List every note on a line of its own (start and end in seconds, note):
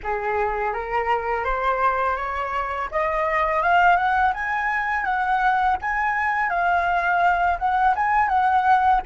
0.03 0.73 G#4
0.73 1.44 A#4
1.44 2.16 C5
2.16 2.88 C#5
2.91 3.62 D#5
3.62 3.96 F5
3.96 4.32 F#5
4.33 5.04 G#5
5.04 5.76 F#5
5.81 6.49 G#5
6.49 7.58 F5
7.58 7.95 F#5
7.95 8.28 G#5
8.28 9.00 F#5